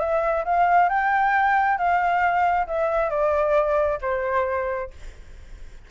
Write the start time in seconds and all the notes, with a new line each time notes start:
0.00 E5
0.45 F5
0.89 G5
1.78 F5
2.67 E5
3.10 D5
4.02 C5